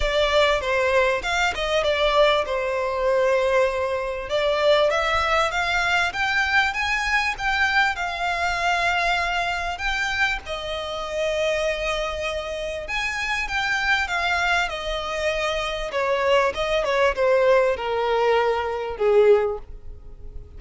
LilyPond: \new Staff \with { instrumentName = "violin" } { \time 4/4 \tempo 4 = 98 d''4 c''4 f''8 dis''8 d''4 | c''2. d''4 | e''4 f''4 g''4 gis''4 | g''4 f''2. |
g''4 dis''2.~ | dis''4 gis''4 g''4 f''4 | dis''2 cis''4 dis''8 cis''8 | c''4 ais'2 gis'4 | }